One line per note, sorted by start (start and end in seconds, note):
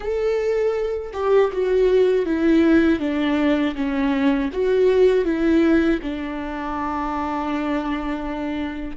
0.00 1.11 A4
1.13 1.50 G4
1.52 2.25 F#4
2.25 2.99 E4
2.99 3.74 D4
3.75 4.50 C#4
4.52 5.24 F#4
5.24 5.99 E4
6.02 8.97 D4